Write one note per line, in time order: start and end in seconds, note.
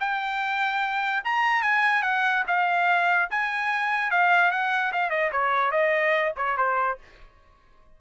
0.00 1.23 G5
1.24 1.63 A#5
1.63 2.02 G#5
2.02 2.44 F#5
2.47 3.29 F5
3.30 4.11 G#5
4.11 4.51 F5
4.51 4.92 F#5
4.92 5.10 F5
5.10 5.31 D#5
5.32 5.71 C#5
5.71 6.33 D#5
6.37 6.57 C#5
6.57 6.98 C5